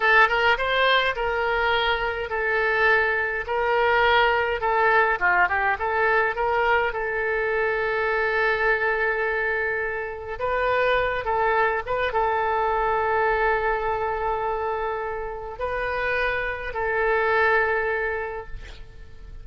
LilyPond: \new Staff \with { instrumentName = "oboe" } { \time 4/4 \tempo 4 = 104 a'8 ais'8 c''4 ais'2 | a'2 ais'2 | a'4 f'8 g'8 a'4 ais'4 | a'1~ |
a'2 b'4. a'8~ | a'8 b'8 a'2.~ | a'2. b'4~ | b'4 a'2. | }